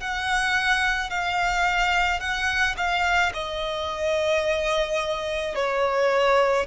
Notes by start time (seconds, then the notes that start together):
0.00 F#5
1.10 F5
2.19 F#5
2.77 F5
3.33 D#5
5.55 C#5